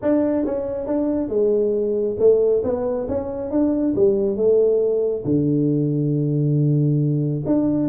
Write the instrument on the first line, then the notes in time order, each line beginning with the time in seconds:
tuba
0.01 D4
0.45 C#4
0.86 D4
1.28 G#3
2.19 A3
2.63 B3
3.08 C#4
3.50 D4
3.95 G3
4.36 A3
5.24 D3
7.46 D4